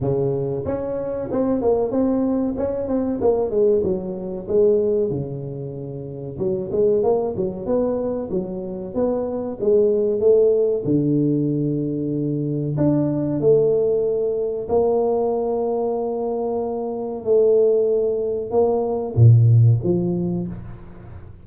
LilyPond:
\new Staff \with { instrumentName = "tuba" } { \time 4/4 \tempo 4 = 94 cis4 cis'4 c'8 ais8 c'4 | cis'8 c'8 ais8 gis8 fis4 gis4 | cis2 fis8 gis8 ais8 fis8 | b4 fis4 b4 gis4 |
a4 d2. | d'4 a2 ais4~ | ais2. a4~ | a4 ais4 ais,4 f4 | }